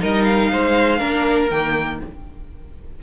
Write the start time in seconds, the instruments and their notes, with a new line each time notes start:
0.00 cello G3, viola D#4, violin A#4 D#5
0.24 violin F5
0.52 cello G#3, violin C5
0.99 cello A#3, viola D4, violin A#4
1.51 cello D#3, viola A#3, violin G5